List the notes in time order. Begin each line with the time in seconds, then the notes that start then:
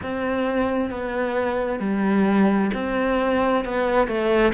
0.02 C4
0.90 B3
1.79 G3
2.74 C4
3.64 B3
4.07 A3